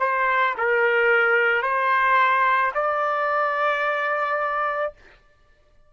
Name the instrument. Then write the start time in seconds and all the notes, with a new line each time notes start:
trumpet
0.00 C5
0.58 A#4
1.63 C5
2.75 D5